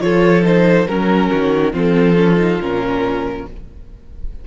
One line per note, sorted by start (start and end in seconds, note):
0.00 0.86 F3
0.00 0.42 F4
0.00 0.88 A4
0.00 0.44 C#5
0.42 0.85 D#4
0.42 0.87 C5
0.87 1.30 F#3
0.87 1.72 C#4
0.87 1.73 A#4
0.87 1.30 A#4
1.30 1.74 D#3
1.30 1.73 F#4
1.72 2.58 F3
1.72 2.15 C4
1.72 3.44 F4
1.72 2.61 A4
2.16 2.36 C#4
2.36 2.58 D#4
2.58 3.44 A#2
2.58 3.46 C#4
2.58 3.47 A#4